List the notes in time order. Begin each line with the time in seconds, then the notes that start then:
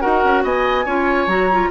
0.00 D#4 F#4 A#4 F#5
0.24 C#4
0.43 B3 D#5 G#5
0.85 C#4 F4 C#5
1.26 F#3 F#4 A#5
1.52 F4